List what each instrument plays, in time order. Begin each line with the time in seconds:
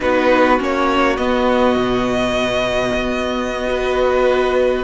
0.00 cello B3, viola D#4, violin F#4 B4
0.58 cello A#3, viola C#4, violin C#5
1.16 cello B3, viola B3, violin D#5
1.75 cello B2
2.94 cello B3
3.67 viola F#4, violin B4